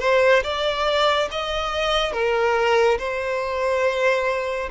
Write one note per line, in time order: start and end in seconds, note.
0.00 0.43 C5
0.43 1.29 D5
1.32 2.12 D#5
2.12 2.98 A#4
2.98 4.70 C5